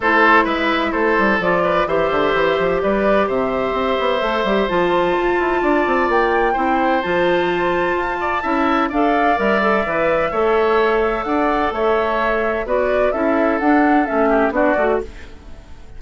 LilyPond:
<<
  \new Staff \with { instrumentName = "flute" } { \time 4/4 \tempo 4 = 128 c''4 e''4 c''4 d''4 | e''2 d''4 e''4~ | e''2 a''2~ | a''4 g''2 a''4~ |
a''2. f''4 | e''1 | fis''4 e''2 d''4 | e''4 fis''4 e''4 d''4 | }
  \new Staff \with { instrumentName = "oboe" } { \time 4/4 a'4 b'4 a'4. b'8 | c''2 b'4 c''4~ | c''1 | d''2 c''2~ |
c''4. d''8 e''4 d''4~ | d''2 cis''2 | d''4 cis''2 b'4 | a'2~ a'8 g'8 fis'4 | }
  \new Staff \with { instrumentName = "clarinet" } { \time 4/4 e'2. f'4 | g'1~ | g'4 a'8 g'8 f'2~ | f'2 e'4 f'4~ |
f'2 e'4 a'4 | ais'8 a'8 b'4 a'2~ | a'2. fis'4 | e'4 d'4 cis'4 d'8 fis'8 | }
  \new Staff \with { instrumentName = "bassoon" } { \time 4/4 a4 gis4 a8 g8 f4 | e8 d8 e8 f8 g4 c4 | c'8 b8 a8 g8 f4 f'8 e'8 | d'8 c'8 ais4 c'4 f4~ |
f4 f'4 cis'4 d'4 | g4 e4 a2 | d'4 a2 b4 | cis'4 d'4 a4 b8 a8 | }
>>